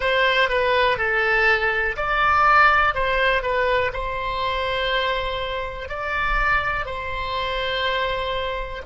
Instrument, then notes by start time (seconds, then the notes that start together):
oboe
0.00 C5
0.49 B4
0.97 A4
1.96 D5
2.94 C5
3.42 B4
3.93 C5
5.88 D5
6.85 C5